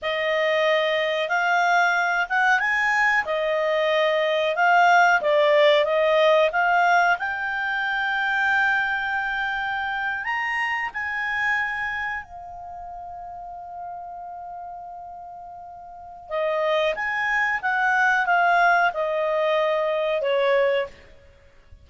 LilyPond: \new Staff \with { instrumentName = "clarinet" } { \time 4/4 \tempo 4 = 92 dis''2 f''4. fis''8 | gis''4 dis''2 f''4 | d''4 dis''4 f''4 g''4~ | g''2.~ g''8. ais''16~ |
ais''8. gis''2 f''4~ f''16~ | f''1~ | f''4 dis''4 gis''4 fis''4 | f''4 dis''2 cis''4 | }